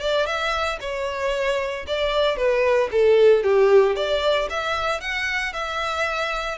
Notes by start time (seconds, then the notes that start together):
0.00 D5
0.26 E5
0.81 C#5
1.87 D5
2.37 B4
2.92 A4
3.43 G4
3.96 D5
4.50 E5
5.01 F#5
5.53 E5